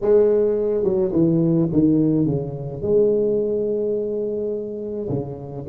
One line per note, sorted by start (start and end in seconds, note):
0.01 0.83 G#3
0.83 1.11 F#3
1.12 1.69 E3
1.72 2.26 D#3
2.26 2.81 C#3
2.81 5.08 G#3
5.09 5.66 C#3